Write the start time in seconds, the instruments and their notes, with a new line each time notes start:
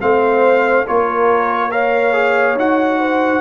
0.00 tuba A3, trombone C4, horn C5, trumpet F5
0.87 tuba A#3, trombone F4, horn A#4, trumpet C#5
1.70 trombone A#4, horn C#5, trumpet F5
2.13 trombone G#4
2.55 tuba D#4, trombone F#4, trumpet F#5
3.00 horn C5